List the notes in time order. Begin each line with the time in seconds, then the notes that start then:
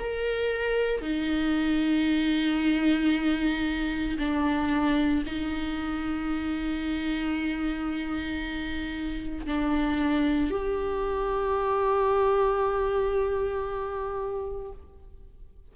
0.00 A#4
1.02 D#4
4.19 D4
5.26 D#4
9.46 D4
10.51 G4